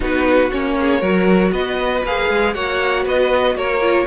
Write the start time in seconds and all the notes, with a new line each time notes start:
0.00 B3 D#4 F#4 B4
0.51 A#3 C#4 C#5
0.79 G#4
1.00 F#3 F#4 A#4
1.51 B3 B4 D#5
2.04 A#3 G#4 F5
2.29 G#3
2.54 A#3 F#4 C#5 F#5
3.04 B3 B4 D#5
3.55 A#3 A#4 C#5
3.81 F4